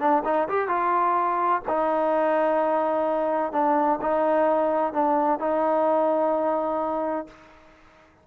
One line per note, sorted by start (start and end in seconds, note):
0.00 0.23 D4
0.25 0.49 D#4
0.49 0.69 G4
0.69 1.62 F4
1.69 3.53 D#4
3.53 4.00 D4
4.02 4.93 D#4
4.93 5.40 D4
5.40 7.27 D#4